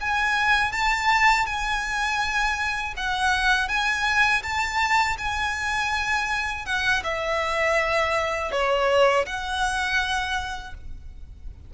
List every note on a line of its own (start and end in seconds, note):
0.00 0.72 G#5
0.72 1.45 A5
1.45 2.94 G#5
2.96 3.68 F#5
3.68 4.42 G#5
4.42 5.16 A5
5.18 6.65 G#5
6.65 7.02 F#5
7.03 8.51 E5
8.51 9.25 C#5
9.26 10.74 F#5